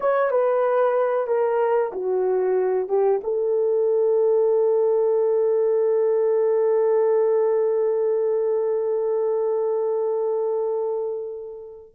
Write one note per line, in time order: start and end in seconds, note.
0.00 0.30 C#5
0.30 1.27 B4
1.27 1.91 A#4
1.92 2.88 F#4
2.88 3.20 G4
3.23 11.94 A4